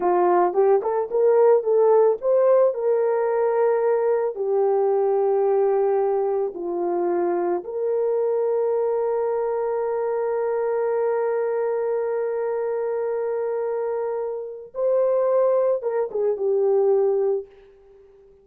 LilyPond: \new Staff \with { instrumentName = "horn" } { \time 4/4 \tempo 4 = 110 f'4 g'8 a'8 ais'4 a'4 | c''4 ais'2. | g'1 | f'2 ais'2~ |
ais'1~ | ais'1~ | ais'2. c''4~ | c''4 ais'8 gis'8 g'2 | }